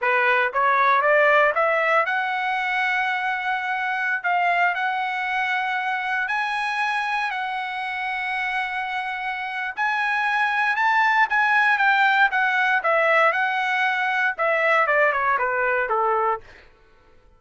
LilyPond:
\new Staff \with { instrumentName = "trumpet" } { \time 4/4 \tempo 4 = 117 b'4 cis''4 d''4 e''4 | fis''1~ | fis''16 f''4 fis''2~ fis''8.~ | fis''16 gis''2 fis''4.~ fis''16~ |
fis''2. gis''4~ | gis''4 a''4 gis''4 g''4 | fis''4 e''4 fis''2 | e''4 d''8 cis''8 b'4 a'4 | }